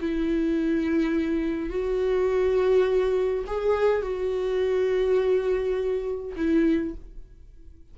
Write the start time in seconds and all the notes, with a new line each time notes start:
0.00 E4
1.69 F#4
3.47 G#4
4.02 F#4
6.36 E4